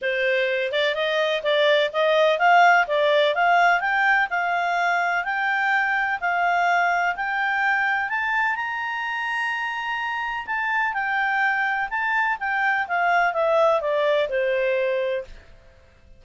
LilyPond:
\new Staff \with { instrumentName = "clarinet" } { \time 4/4 \tempo 4 = 126 c''4. d''8 dis''4 d''4 | dis''4 f''4 d''4 f''4 | g''4 f''2 g''4~ | g''4 f''2 g''4~ |
g''4 a''4 ais''2~ | ais''2 a''4 g''4~ | g''4 a''4 g''4 f''4 | e''4 d''4 c''2 | }